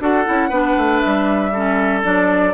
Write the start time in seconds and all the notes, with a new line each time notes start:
0.00 D4 F#4 A4 F#5
0.25 C#4 E4
0.49 B3 D4 B4
0.77 A3
1.00 G3 E5
1.53 C#4 A4
2.03 F#3 D4 D5